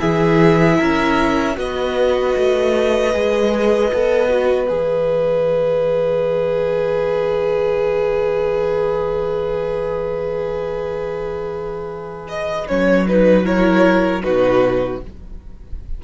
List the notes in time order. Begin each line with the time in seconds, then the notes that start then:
0.00 E3 E4 G#4 E5
0.79 C#4 A#4
1.55 B3 F#4 B4 D#5
2.37 A3
3.13 G#3 G#4
3.94 B3 A4
4.29 F#4
4.67 E3 G#4 E5
12.29 D#5
12.68 F#3 C#4 C#5
13.08 D#4 B4
13.45 E4 A#4 C#5
14.23 B2 D#4 F#4 B4